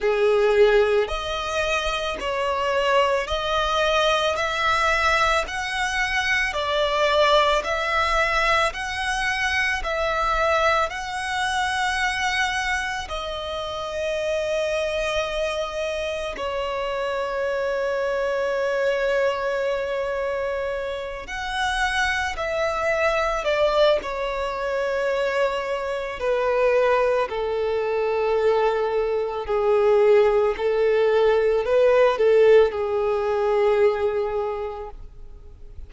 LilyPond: \new Staff \with { instrumentName = "violin" } { \time 4/4 \tempo 4 = 55 gis'4 dis''4 cis''4 dis''4 | e''4 fis''4 d''4 e''4 | fis''4 e''4 fis''2 | dis''2. cis''4~ |
cis''2.~ cis''8 fis''8~ | fis''8 e''4 d''8 cis''2 | b'4 a'2 gis'4 | a'4 b'8 a'8 gis'2 | }